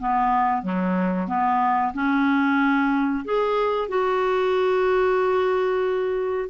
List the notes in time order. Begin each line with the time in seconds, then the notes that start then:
0.00 B3
0.62 F#3
1.28 B3
1.94 C#4
3.25 G#4
3.89 F#4